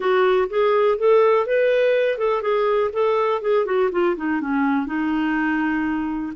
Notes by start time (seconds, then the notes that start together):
0.00 F#4
0.49 G#4
0.98 A4
1.46 B4
2.18 A4
2.41 G#4
2.93 A4
3.41 G#4
3.65 F#4
3.91 F4
4.16 D#4
4.40 C#4
4.86 D#4